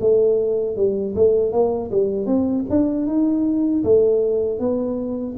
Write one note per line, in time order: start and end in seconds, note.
0.00 0.76 A3
0.76 1.14 G3
1.15 1.52 A3
1.52 1.91 A#3
1.91 2.26 G3
2.26 2.64 C4
2.70 3.06 D4
3.06 3.83 D#4
3.84 4.59 A3
4.59 5.36 B3